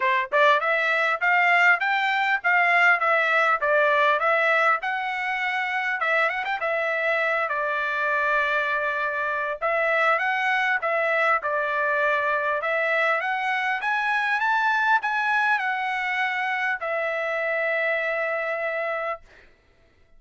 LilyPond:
\new Staff \with { instrumentName = "trumpet" } { \time 4/4 \tempo 4 = 100 c''8 d''8 e''4 f''4 g''4 | f''4 e''4 d''4 e''4 | fis''2 e''8 fis''16 g''16 e''4~ | e''8 d''2.~ d''8 |
e''4 fis''4 e''4 d''4~ | d''4 e''4 fis''4 gis''4 | a''4 gis''4 fis''2 | e''1 | }